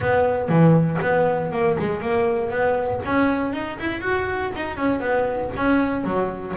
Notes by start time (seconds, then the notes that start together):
0.00 B3
0.49 E3
1.01 B3
1.52 A#3
1.78 G#3
2.01 A#3
2.50 B3
3.05 C#4
3.53 D#4
3.79 E4
4.00 F#4
4.55 D#4
4.76 C#4
5.00 B3
5.56 C#4
6.04 F#3